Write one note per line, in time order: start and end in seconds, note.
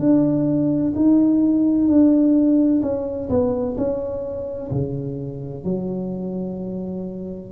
0.00 0.94 D4
0.96 1.88 D#4
1.88 2.82 D4
2.83 3.29 C#4
3.30 3.77 B3
3.78 4.72 C#4
4.72 5.65 C#3
5.65 7.52 F#3